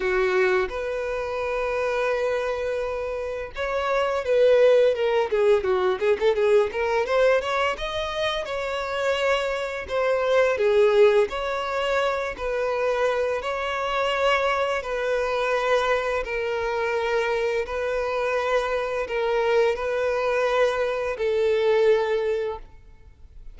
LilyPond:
\new Staff \with { instrumentName = "violin" } { \time 4/4 \tempo 4 = 85 fis'4 b'2.~ | b'4 cis''4 b'4 ais'8 gis'8 | fis'8 gis'16 a'16 gis'8 ais'8 c''8 cis''8 dis''4 | cis''2 c''4 gis'4 |
cis''4. b'4. cis''4~ | cis''4 b'2 ais'4~ | ais'4 b'2 ais'4 | b'2 a'2 | }